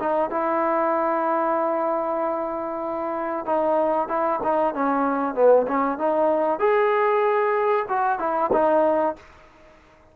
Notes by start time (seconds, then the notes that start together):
0.00 D#4
0.30 E4
3.46 D#4
4.08 E4
4.44 D#4
4.74 C#4
5.34 B3
5.67 C#4
5.98 D#4
6.59 G#4
7.89 F#4
8.19 E4
8.52 D#4